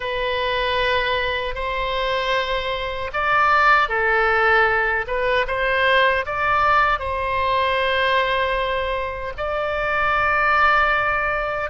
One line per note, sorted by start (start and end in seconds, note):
0.00 1.54 B4
1.54 3.10 C5
3.13 3.88 D5
3.88 5.05 A4
5.06 5.45 B4
5.47 6.25 C5
6.25 6.99 D5
6.99 9.33 C5
9.37 11.70 D5